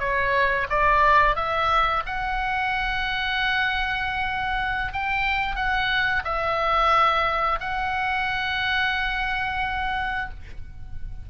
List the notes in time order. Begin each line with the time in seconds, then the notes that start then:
0.00 C#5
0.70 D5
1.36 E5
2.06 F#5
4.93 G5
5.56 F#5
6.25 E5
7.60 F#5